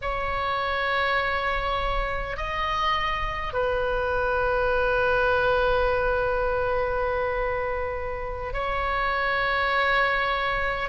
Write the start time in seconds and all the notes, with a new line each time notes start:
0.01 C#5
2.36 D#5
3.53 B4
8.53 C#5